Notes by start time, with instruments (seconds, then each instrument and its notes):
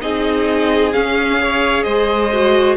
0.00 cello C4, viola D#4, violin G#4 D#5
0.92 viola C#4, cello C#4, violin F5
1.38 viola G#4, violin C#5
1.82 cello G#3, violin C5 D#5
2.33 viola F#4